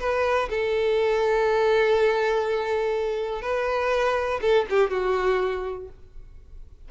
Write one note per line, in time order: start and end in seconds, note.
0.00 0.49 B4
0.50 3.42 A4
3.42 4.40 B4
4.42 4.66 A4
4.70 4.90 G4
4.90 5.89 F#4